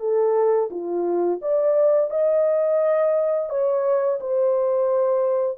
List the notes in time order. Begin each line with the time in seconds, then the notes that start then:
0.00 A4
0.71 F4
1.42 D5
2.11 D#5
3.50 C#5
4.21 C5